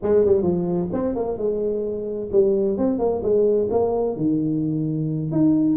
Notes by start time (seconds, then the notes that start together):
0.02 G#3
0.25 G3
0.42 F3
0.92 C4
1.15 A#3
1.37 G#3
2.32 G3
2.77 C4
2.99 A#3
3.22 G#3
3.70 A#3
4.16 D#3
5.31 D#4